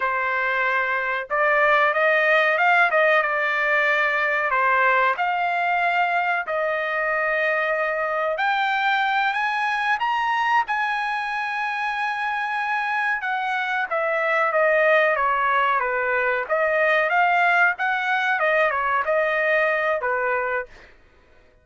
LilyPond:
\new Staff \with { instrumentName = "trumpet" } { \time 4/4 \tempo 4 = 93 c''2 d''4 dis''4 | f''8 dis''8 d''2 c''4 | f''2 dis''2~ | dis''4 g''4. gis''4 ais''8~ |
ais''8 gis''2.~ gis''8~ | gis''8 fis''4 e''4 dis''4 cis''8~ | cis''8 b'4 dis''4 f''4 fis''8~ | fis''8 dis''8 cis''8 dis''4. b'4 | }